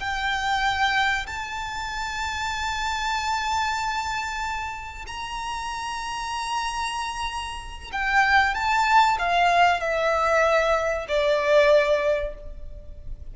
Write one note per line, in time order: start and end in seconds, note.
0.00 1.26 G5
1.27 5.06 A5
5.07 7.91 A#5
7.93 8.55 G5
8.55 9.18 A5
9.19 9.80 F5
9.80 11.07 E5
11.08 12.35 D5